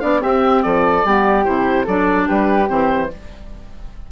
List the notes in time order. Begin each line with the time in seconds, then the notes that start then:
0.00 B3 D4 D5 F5
0.19 C4 G4 E5
0.63 F3 A4 D5
1.05 G3 B3 G4
1.45 C3 E4 C5
1.84 F#3 D4 A4 D5
2.27 G3 G4 B4
2.66 E3 C4 C5